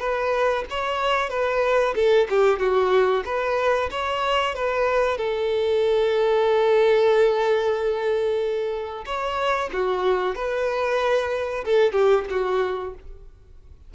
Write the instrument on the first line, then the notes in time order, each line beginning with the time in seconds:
violin
0.00 B4
0.70 C#5
1.30 B4
1.96 A4
2.30 G4
2.60 F#4
3.26 B4
3.91 C#5
4.55 B4
5.18 A4
9.06 C#5
9.73 F#4
10.36 B4
11.65 A4
11.93 G4
12.30 F#4